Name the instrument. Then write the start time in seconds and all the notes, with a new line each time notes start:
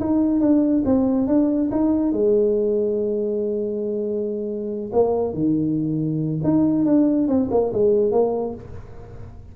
tuba
0.00 D#4
0.41 D4
0.86 C4
1.27 D4
1.71 D#4
2.13 G#3
4.93 A#3
5.34 D#3
6.44 D#4
6.85 D4
7.28 C4
7.51 A#3
7.73 G#3
8.12 A#3